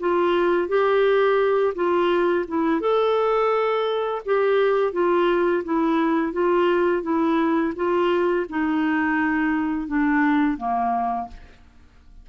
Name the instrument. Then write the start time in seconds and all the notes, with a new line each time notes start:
clarinet
0.00 F4
0.68 G4
1.75 F4
2.48 E4
2.81 A4
4.26 G4
4.93 F4
5.64 E4
6.33 F4
7.03 E4
7.76 F4
8.50 D#4
9.88 D4
10.58 A#3